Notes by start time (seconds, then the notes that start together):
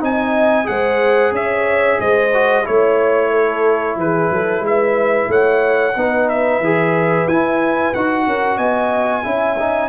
0.00 C4 D#4 D#5 G#5
0.64 G#3 G#4 C5 F#5
1.32 C#4 C#5 E5
1.99 G#3 C5 D#5
2.34 F#4
2.64 A3 E4 C#5
3.31 A4
3.96 E3 G#4 B4
4.31 F#3 A4
4.60 G#3 B4
4.66 E5
5.28 A3 C#5 F#5
5.96 B3 D#4 B4
6.29 E5
6.60 E3 G#4
7.27 E4 G#5
7.94 D#4 F#4 F#5
8.27 C#4 A#4
8.56 B3 D#5 G#5
9.23 C#4 E4 E5
9.59 D#4